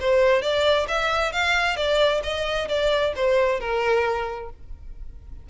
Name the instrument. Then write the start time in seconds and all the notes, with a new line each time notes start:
violin
0.00 C5
0.42 D5
0.88 E5
1.32 F5
1.76 D5
2.23 D#5
2.69 D5
3.16 C5
3.60 A#4